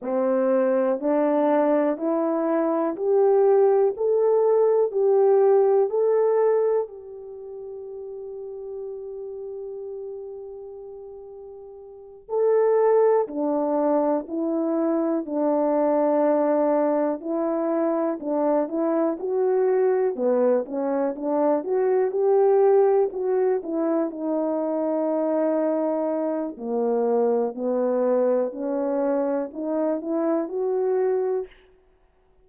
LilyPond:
\new Staff \with { instrumentName = "horn" } { \time 4/4 \tempo 4 = 61 c'4 d'4 e'4 g'4 | a'4 g'4 a'4 g'4~ | g'1~ | g'8 a'4 d'4 e'4 d'8~ |
d'4. e'4 d'8 e'8 fis'8~ | fis'8 b8 cis'8 d'8 fis'8 g'4 fis'8 | e'8 dis'2~ dis'8 ais4 | b4 cis'4 dis'8 e'8 fis'4 | }